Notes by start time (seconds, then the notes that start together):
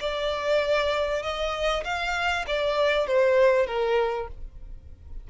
0.00 D5
1.22 D#5
1.84 F5
2.47 D5
3.07 C5
3.66 A#4